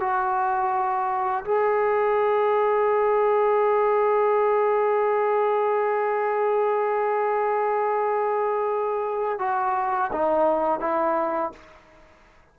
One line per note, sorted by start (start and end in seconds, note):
0.00 1.45 F#4
1.45 9.39 G#4
9.39 10.11 F#4
10.13 10.80 D#4
10.80 11.52 E4